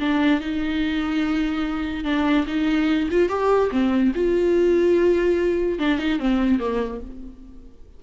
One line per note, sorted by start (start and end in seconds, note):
0.00 0.41 D4
0.41 2.05 D#4
2.05 2.46 D4
2.47 3.09 D#4
3.11 3.29 F4
3.29 3.71 G4
3.71 4.13 C4
4.15 5.79 F4
5.79 5.99 D4
5.99 6.20 D#4
6.20 6.60 C4
6.60 7.01 A#3